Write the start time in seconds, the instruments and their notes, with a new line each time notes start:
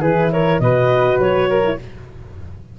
0.00 tuba E3, horn E4, flute G#4, clarinet B4
0.32 flute A#4, clarinet C#5
0.60 tuba B2, horn F#4, flute B4, clarinet D#5
1.19 tuba F#3, clarinet C#5
1.49 flute A#4
1.64 horn E4